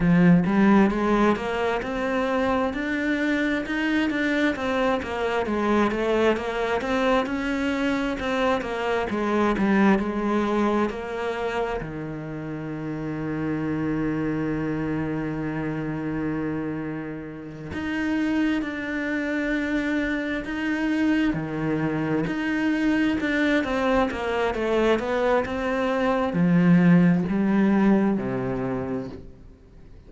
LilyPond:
\new Staff \with { instrumentName = "cello" } { \time 4/4 \tempo 4 = 66 f8 g8 gis8 ais8 c'4 d'4 | dis'8 d'8 c'8 ais8 gis8 a8 ais8 c'8 | cis'4 c'8 ais8 gis8 g8 gis4 | ais4 dis2.~ |
dis2.~ dis8 dis'8~ | dis'8 d'2 dis'4 dis8~ | dis8 dis'4 d'8 c'8 ais8 a8 b8 | c'4 f4 g4 c4 | }